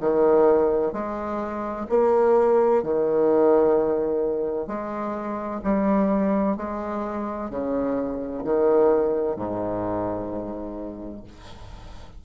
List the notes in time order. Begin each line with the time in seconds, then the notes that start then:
0.00 D#3
0.92 G#3
1.89 A#3
2.83 D#3
4.67 G#3
5.63 G3
6.57 G#3
7.50 C#3
8.44 D#3
9.36 G#2